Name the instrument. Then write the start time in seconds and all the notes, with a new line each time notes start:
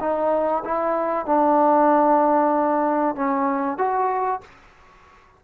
trombone
0.00 D#4
0.64 E4
1.25 D4
3.15 C#4
3.78 F#4